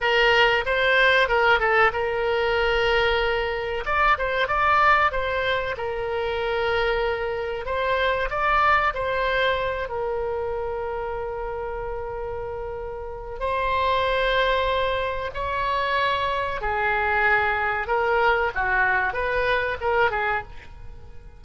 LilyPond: \new Staff \with { instrumentName = "oboe" } { \time 4/4 \tempo 4 = 94 ais'4 c''4 ais'8 a'8 ais'4~ | ais'2 d''8 c''8 d''4 | c''4 ais'2. | c''4 d''4 c''4. ais'8~ |
ais'1~ | ais'4 c''2. | cis''2 gis'2 | ais'4 fis'4 b'4 ais'8 gis'8 | }